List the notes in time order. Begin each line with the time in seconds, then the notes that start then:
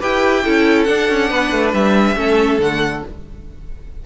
0.00 E4 G4 B4 G5
0.44 C#4 E4 A4
0.83 D4 F#5
1.09 C#4
1.29 B3 B4
1.51 A3
1.73 G3 E5
2.16 A3 C#4 A4
2.59 D3 A3 F#5